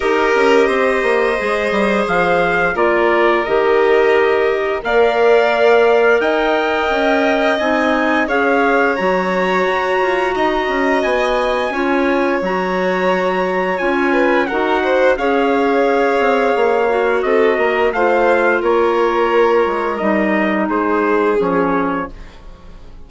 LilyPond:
<<
  \new Staff \with { instrumentName = "trumpet" } { \time 4/4 \tempo 4 = 87 dis''2. f''4 | d''4 dis''2 f''4~ | f''4 g''2 gis''4 | f''4 ais''2. |
gis''2 ais''2 | gis''4 fis''4 f''2~ | f''4 dis''4 f''4 cis''4~ | cis''4 dis''4 c''4 cis''4 | }
  \new Staff \with { instrumentName = "violin" } { \time 4/4 ais'4 c''2. | ais'2. d''4~ | d''4 dis''2. | cis''2. dis''4~ |
dis''4 cis''2.~ | cis''8 b'8 ais'8 c''8 cis''2~ | cis''4 a'8 ais'8 c''4 ais'4~ | ais'2 gis'2 | }
  \new Staff \with { instrumentName = "clarinet" } { \time 4/4 g'2 gis'2 | f'4 g'2 ais'4~ | ais'2. dis'4 | gis'4 fis'2.~ |
fis'4 f'4 fis'2 | f'4 fis'4 gis'2~ | gis'8 fis'4. f'2~ | f'4 dis'2 cis'4 | }
  \new Staff \with { instrumentName = "bassoon" } { \time 4/4 dis'8 cis'8 c'8 ais8 gis8 g8 f4 | ais4 dis2 ais4~ | ais4 dis'4 cis'4 c'4 | cis'4 fis4 fis'8 f'8 dis'8 cis'8 |
b4 cis'4 fis2 | cis'4 dis'4 cis'4. c'8 | ais4 c'8 ais8 a4 ais4~ | ais8 gis8 g4 gis4 f4 | }
>>